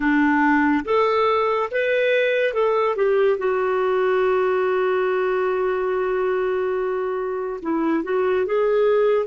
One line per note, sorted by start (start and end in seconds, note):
0.00 0.84 D4
0.85 1.69 A4
1.71 2.54 B4
2.54 2.96 A4
2.96 3.38 G4
3.38 7.60 F#4
7.61 8.03 E4
8.03 8.45 F#4
8.46 9.26 G#4